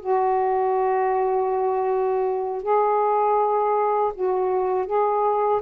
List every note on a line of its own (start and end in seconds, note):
0.00 2.62 F#4
2.62 4.12 G#4
4.14 4.86 F#4
4.86 5.61 G#4